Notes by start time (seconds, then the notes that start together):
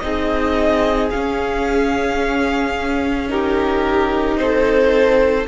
0.00 C4 D#4 G#4 D#5
1.10 C#4 F5
3.28 D#4 G4 A#4
4.37 C4 A4 C5